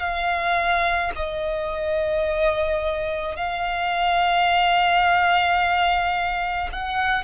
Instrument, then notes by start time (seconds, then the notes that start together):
violin
0.00 F5
1.15 D#5
3.36 F5
6.72 F#5